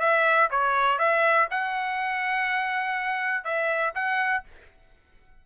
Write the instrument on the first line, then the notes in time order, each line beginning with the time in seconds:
trumpet
0.00 E5
0.51 C#5
0.99 E5
1.51 F#5
3.44 E5
3.95 F#5